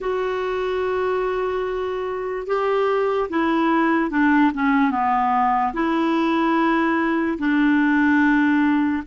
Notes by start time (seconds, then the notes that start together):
0.00 F#4
2.47 G4
3.29 E4
4.10 D4
4.54 C#4
4.91 B3
5.73 E4
7.38 D4